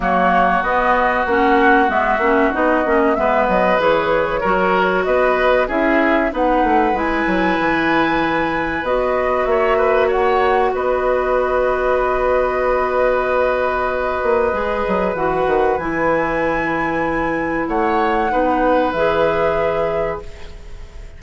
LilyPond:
<<
  \new Staff \with { instrumentName = "flute" } { \time 4/4 \tempo 4 = 95 cis''4 dis''4 fis''4 e''4 | dis''4 e''8 dis''8 cis''2 | dis''4 e''4 fis''4 gis''4~ | gis''2 dis''4 e''4 |
fis''4 dis''2.~ | dis''1 | fis''4 gis''2. | fis''2 e''2 | }
  \new Staff \with { instrumentName = "oboe" } { \time 4/4 fis'1~ | fis'4 b'2 ais'4 | b'4 gis'4 b'2~ | b'2. cis''8 b'8 |
cis''4 b'2.~ | b'1~ | b'1 | cis''4 b'2. | }
  \new Staff \with { instrumentName = "clarinet" } { \time 4/4 ais4 b4 cis'4 b8 cis'8 | dis'8 cis'8 b4 gis'4 fis'4~ | fis'4 e'4 dis'4 e'4~ | e'2 fis'2~ |
fis'1~ | fis'2. gis'4 | fis'4 e'2.~ | e'4 dis'4 gis'2 | }
  \new Staff \with { instrumentName = "bassoon" } { \time 4/4 fis4 b4 ais4 gis8 ais8 | b8 ais8 gis8 fis8 e4 fis4 | b4 cis'4 b8 a8 gis8 fis8 | e2 b4 ais4~ |
ais4 b2.~ | b2~ b8 ais8 gis8 fis8 | e8 dis8 e2. | a4 b4 e2 | }
>>